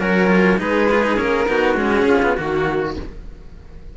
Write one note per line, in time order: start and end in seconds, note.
0.00 0.59 F#3
0.00 0.60 C#4
0.00 0.27 F#4
0.00 0.59 A#4
0.27 0.57 F4
0.58 1.18 G#3
0.58 0.87 D#4
0.58 1.49 G#4
0.58 1.19 B4
0.92 1.04 F4
1.04 1.17 D#4
1.17 1.48 A#3
1.17 1.47 C#4
1.17 1.77 A#4
1.48 1.77 B3
1.48 1.75 D#4
1.48 2.08 F#4
1.75 2.02 G#3
1.75 2.35 C#4
1.75 2.38 G#4
2.02 2.17 C#4
2.08 2.37 F4
2.23 2.37 B3
2.37 2.98 D#3
2.37 2.96 A#3
2.37 2.95 F#4
2.37 2.96 F#4